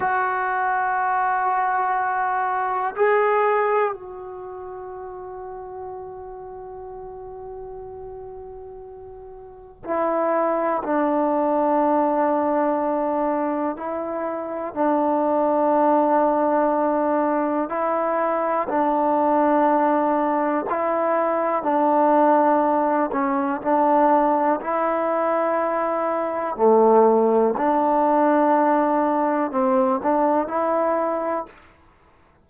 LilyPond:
\new Staff \with { instrumentName = "trombone" } { \time 4/4 \tempo 4 = 61 fis'2. gis'4 | fis'1~ | fis'2 e'4 d'4~ | d'2 e'4 d'4~ |
d'2 e'4 d'4~ | d'4 e'4 d'4. cis'8 | d'4 e'2 a4 | d'2 c'8 d'8 e'4 | }